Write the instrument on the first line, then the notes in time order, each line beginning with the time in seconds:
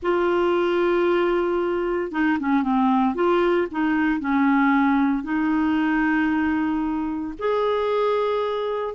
clarinet
0.02 F4
2.11 D#4
2.39 C#4
2.62 C4
3.14 F4
3.71 D#4
4.20 C#4
5.23 D#4
7.38 G#4